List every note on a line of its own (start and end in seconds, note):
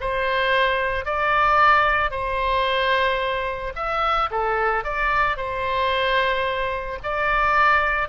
0.00 1.05 C5
1.05 2.11 D5
2.11 3.73 C5
3.75 4.29 E5
4.30 4.84 A4
4.84 5.36 D5
5.36 6.99 C5
7.03 8.08 D5